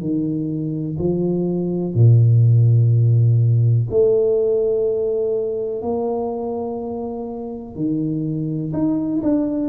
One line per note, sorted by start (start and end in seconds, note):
0.00 0.97 D#3
0.99 1.94 F3
1.94 3.88 A#2
3.90 5.82 A3
5.82 7.75 A#3
7.75 8.72 D#3
8.73 9.21 D#4
9.22 9.69 D4